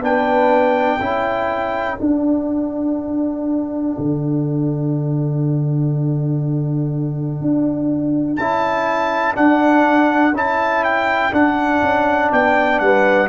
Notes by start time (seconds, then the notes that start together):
0.00 B3 D4 B4 G5
1.00 C#4 E4 A4
1.97 D4 F#5
3.99 D3
7.42 D4
8.37 C#4 E4 A5
9.34 D4 F#5
10.32 C#4 E4 A5
10.85 G5
11.33 D4 F#5
11.83 C#4
12.30 B3 D5 G5
12.80 G3 B4 F#5